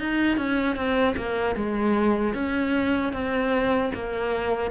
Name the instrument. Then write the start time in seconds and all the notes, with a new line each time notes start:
cello
0.00 D#4
0.38 C#4
0.76 C4
1.17 A#3
1.56 G#3
2.35 C#4
3.13 C4
3.95 A#3